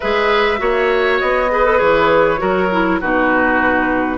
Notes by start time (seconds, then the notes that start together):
0.00 G#3 G#4 B4 E5
0.57 A#3 F#4 C#5
1.19 B3 D#5
1.50 G#4 B4
1.65 A4
1.77 E3 G#4 C#5
2.37 F#3 F#4 A#4
2.71 E4
3.00 B2 D#4 F#4 B4